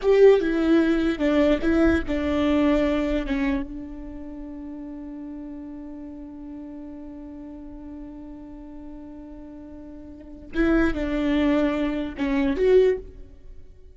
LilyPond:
\new Staff \with { instrumentName = "viola" } { \time 4/4 \tempo 4 = 148 g'4 e'2 d'4 | e'4 d'2. | cis'4 d'2.~ | d'1~ |
d'1~ | d'1~ | d'2 e'4 d'4~ | d'2 cis'4 fis'4 | }